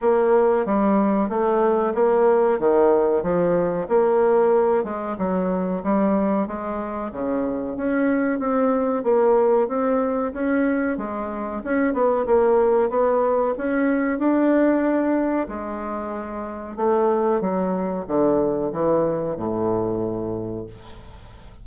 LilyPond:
\new Staff \with { instrumentName = "bassoon" } { \time 4/4 \tempo 4 = 93 ais4 g4 a4 ais4 | dis4 f4 ais4. gis8 | fis4 g4 gis4 cis4 | cis'4 c'4 ais4 c'4 |
cis'4 gis4 cis'8 b8 ais4 | b4 cis'4 d'2 | gis2 a4 fis4 | d4 e4 a,2 | }